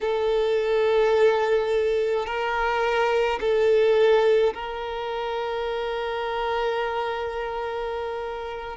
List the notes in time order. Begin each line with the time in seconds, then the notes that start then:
0.00 A4
2.26 A#4
3.40 A4
4.54 A#4